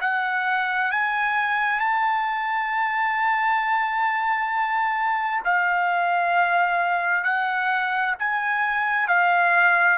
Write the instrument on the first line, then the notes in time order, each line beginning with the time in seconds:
trumpet
0.00 F#5
0.91 G#5
1.79 A5
5.44 F5
7.24 F#5
8.19 G#5
9.07 F5